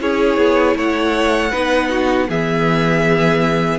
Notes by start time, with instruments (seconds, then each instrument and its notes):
0.00 cello C#4, viola E4, violin G#4 C#5
0.37 cello B3
0.76 cello A3, violin C#5 F#5
1.51 cello B3, viola D#4, violin B4
1.89 violin F#4
2.29 cello E3, viola B3, violin G#4 E5